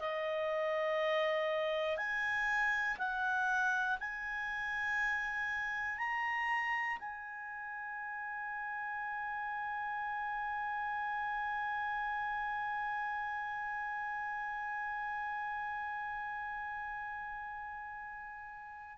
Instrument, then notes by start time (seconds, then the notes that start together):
clarinet
0.00 D#5
1.97 G#5
2.99 F#5
4.00 G#5
5.99 A#5
6.99 G#5